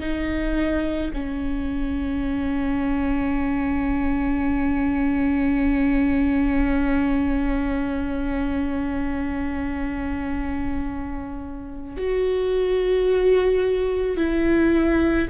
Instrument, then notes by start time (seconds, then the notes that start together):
viola
0.00 D#4
1.14 C#4
11.97 F#4
14.17 E4